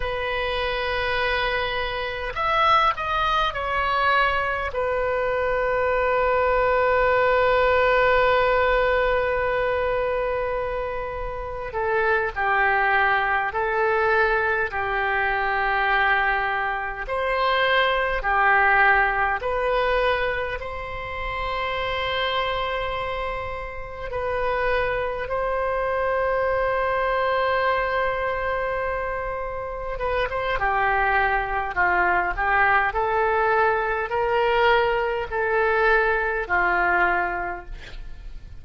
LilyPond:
\new Staff \with { instrumentName = "oboe" } { \time 4/4 \tempo 4 = 51 b'2 e''8 dis''8 cis''4 | b'1~ | b'2 a'8 g'4 a'8~ | a'8 g'2 c''4 g'8~ |
g'8 b'4 c''2~ c''8~ | c''8 b'4 c''2~ c''8~ | c''4. b'16 c''16 g'4 f'8 g'8 | a'4 ais'4 a'4 f'4 | }